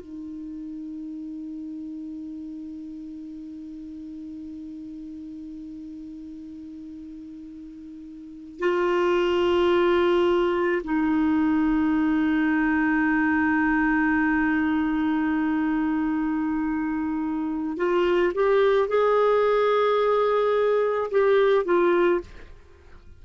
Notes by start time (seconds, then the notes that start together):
0.00 D#4
8.59 F4
10.84 D#4
17.77 F4
18.34 G4
18.88 G#4
21.11 G4
21.65 F4